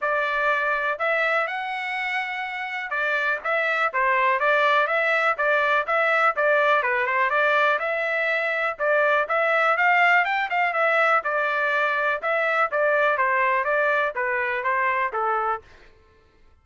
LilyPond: \new Staff \with { instrumentName = "trumpet" } { \time 4/4 \tempo 4 = 123 d''2 e''4 fis''4~ | fis''2 d''4 e''4 | c''4 d''4 e''4 d''4 | e''4 d''4 b'8 c''8 d''4 |
e''2 d''4 e''4 | f''4 g''8 f''8 e''4 d''4~ | d''4 e''4 d''4 c''4 | d''4 b'4 c''4 a'4 | }